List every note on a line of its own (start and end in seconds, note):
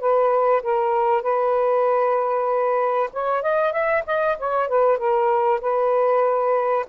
0.00 0.62 B4
0.63 1.23 A#4
1.23 3.10 B4
3.13 3.43 C#5
3.43 3.72 D#5
3.72 4.04 E5
4.07 4.38 D#5
4.38 4.68 C#5
4.68 4.98 B4
4.98 5.61 A#4
5.61 6.86 B4